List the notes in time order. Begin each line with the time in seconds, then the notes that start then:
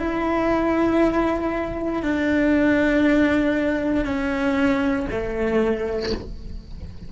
0.00 E4
2.03 D4
4.05 C#4
5.11 A3